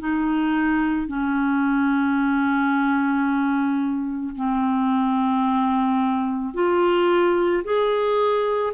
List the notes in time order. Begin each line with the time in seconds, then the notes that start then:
0.00 D#4
1.08 C#4
4.36 C4
6.55 F4
7.64 G#4